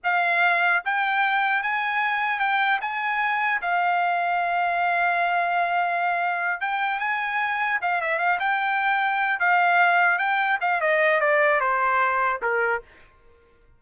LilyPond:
\new Staff \with { instrumentName = "trumpet" } { \time 4/4 \tempo 4 = 150 f''2 g''2 | gis''2 g''4 gis''4~ | gis''4 f''2.~ | f''1~ |
f''8 g''4 gis''2 f''8 | e''8 f''8 g''2~ g''8 f''8~ | f''4. g''4 f''8 dis''4 | d''4 c''2 ais'4 | }